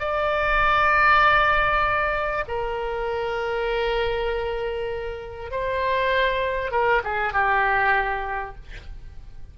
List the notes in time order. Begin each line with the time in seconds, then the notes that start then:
0.00 D5
2.48 A#4
5.51 C5
6.72 A#4
7.04 G#4
7.33 G4